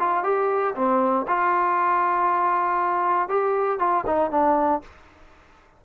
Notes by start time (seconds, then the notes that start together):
0.00 F4
0.24 G4
0.75 C4
1.28 F4
3.29 G4
3.80 F4
4.07 D#4
4.31 D4